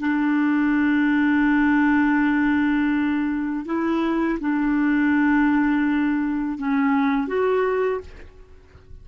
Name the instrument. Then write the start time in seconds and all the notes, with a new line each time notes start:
clarinet
0.00 D4
3.66 E4
4.40 D4
6.58 C#4
7.27 F#4